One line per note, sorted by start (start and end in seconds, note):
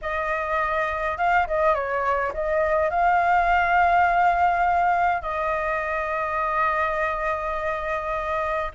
0.01 1.17 D#5
1.17 1.46 F5
1.47 1.74 D#5
1.74 2.32 C#5
2.33 2.90 D#5
2.90 5.22 F5
5.22 8.71 D#5